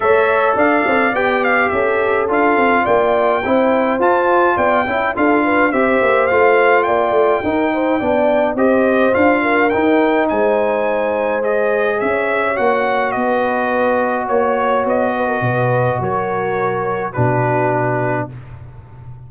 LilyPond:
<<
  \new Staff \with { instrumentName = "trumpet" } { \time 4/4 \tempo 4 = 105 e''4 f''4 g''8 f''8 e''4 | f''4 g''2 a''4 | g''4 f''4 e''4 f''4 | g''2. dis''4 |
f''4 g''4 gis''2 | dis''4 e''4 fis''4 dis''4~ | dis''4 cis''4 dis''2 | cis''2 b'2 | }
  \new Staff \with { instrumentName = "horn" } { \time 4/4 cis''4 d''2 a'4~ | a'4 d''4 c''2 | d''8 e''8 a'8 b'8 c''2 | d''4 ais'8 c''8 d''4 c''4~ |
c''8 ais'4. c''2~ | c''4 cis''2 b'4~ | b'4 cis''4. b'16 ais'16 b'4 | ais'2 fis'2 | }
  \new Staff \with { instrumentName = "trombone" } { \time 4/4 a'2 g'2 | f'2 e'4 f'4~ | f'8 e'8 f'4 g'4 f'4~ | f'4 dis'4 d'4 g'4 |
f'4 dis'2. | gis'2 fis'2~ | fis'1~ | fis'2 d'2 | }
  \new Staff \with { instrumentName = "tuba" } { \time 4/4 a4 d'8 c'8 b4 cis'4 | d'8 c'8 ais4 c'4 f'4 | b8 cis'8 d'4 c'8 ais8 a4 | ais8 a8 dis'4 b4 c'4 |
d'4 dis'4 gis2~ | gis4 cis'4 ais4 b4~ | b4 ais4 b4 b,4 | fis2 b,2 | }
>>